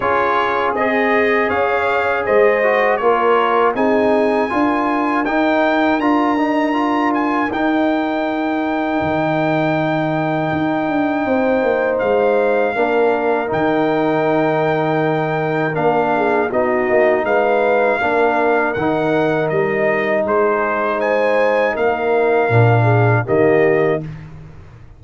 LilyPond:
<<
  \new Staff \with { instrumentName = "trumpet" } { \time 4/4 \tempo 4 = 80 cis''4 dis''4 f''4 dis''4 | cis''4 gis''2 g''4 | ais''4. gis''8 g''2~ | g''1 |
f''2 g''2~ | g''4 f''4 dis''4 f''4~ | f''4 fis''4 dis''4 c''4 | gis''4 f''2 dis''4 | }
  \new Staff \with { instrumentName = "horn" } { \time 4/4 gis'2 cis''4 c''4 | ais'4 gis'4 ais'2~ | ais'1~ | ais'2. c''4~ |
c''4 ais'2.~ | ais'4. gis'8 fis'4 b'4 | ais'2. gis'4 | c''4 ais'4. gis'8 g'4 | }
  \new Staff \with { instrumentName = "trombone" } { \time 4/4 f'4 gis'2~ gis'8 fis'8 | f'4 dis'4 f'4 dis'4 | f'8 dis'8 f'4 dis'2~ | dis'1~ |
dis'4 d'4 dis'2~ | dis'4 d'4 dis'2 | d'4 dis'2.~ | dis'2 d'4 ais4 | }
  \new Staff \with { instrumentName = "tuba" } { \time 4/4 cis'4 c'4 cis'4 gis4 | ais4 c'4 d'4 dis'4 | d'2 dis'2 | dis2 dis'8 d'8 c'8 ais8 |
gis4 ais4 dis2~ | dis4 ais4 b8 ais8 gis4 | ais4 dis4 g4 gis4~ | gis4 ais4 ais,4 dis4 | }
>>